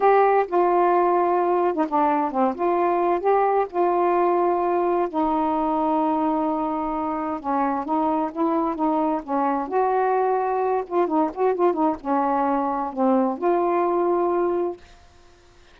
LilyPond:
\new Staff \with { instrumentName = "saxophone" } { \time 4/4 \tempo 4 = 130 g'4 f'2~ f'8. dis'16 | d'4 c'8 f'4. g'4 | f'2. dis'4~ | dis'1 |
cis'4 dis'4 e'4 dis'4 | cis'4 fis'2~ fis'8 f'8 | dis'8 fis'8 f'8 dis'8 cis'2 | c'4 f'2. | }